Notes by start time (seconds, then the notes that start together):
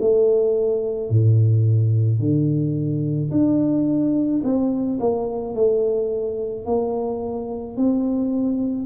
0.00 A3
1.10 A2
2.19 D3
3.31 D4
4.43 C4
4.99 A#3
5.54 A3
6.65 A#3
7.76 C4